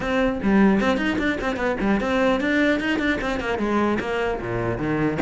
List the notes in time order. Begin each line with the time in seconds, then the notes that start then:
0.00 C4
0.42 G3
0.80 C4
0.97 D#4
1.18 D4
1.41 C4
1.56 B3
1.80 G3
2.00 C4
2.40 D4
2.80 D#4
2.98 D4
3.21 C4
3.39 A#3
3.58 G#3
4.00 A#3
4.40 A#2
4.77 D#3